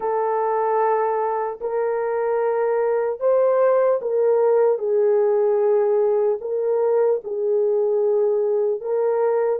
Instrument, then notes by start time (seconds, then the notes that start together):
horn
0.00 A4
1.60 A#4
3.20 C5
4.01 A#4
4.78 G#4
6.40 A#4
7.24 G#4
8.80 A#4